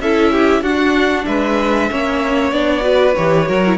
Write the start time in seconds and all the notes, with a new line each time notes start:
0.00 C#4 E4 A4 E5
0.32 G4
0.62 D4 F#4 F#5
1.26 G#3 B4 E5
1.91 A#3 C#4 C#5
2.52 B3 D4 D5
2.81 F#4 B4
3.15 E3 G4 C#5
3.47 F#3 F#4 A#4
3.66 E4